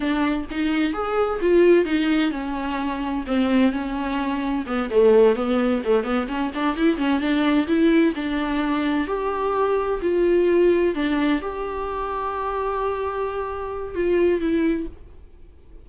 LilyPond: \new Staff \with { instrumentName = "viola" } { \time 4/4 \tempo 4 = 129 d'4 dis'4 gis'4 f'4 | dis'4 cis'2 c'4 | cis'2 b8 a4 b8~ | b8 a8 b8 cis'8 d'8 e'8 cis'8 d'8~ |
d'8 e'4 d'2 g'8~ | g'4. f'2 d'8~ | d'8 g'2.~ g'8~ | g'2 f'4 e'4 | }